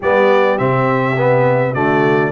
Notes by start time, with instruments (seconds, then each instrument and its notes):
0.00 tuba G3, trombone B3, horn G4, trumpet D5
0.57 tuba C3, trombone C4, trumpet E5
1.17 trombone B3
1.73 tuba D3, trombone A3, horn F#4, trumpet D5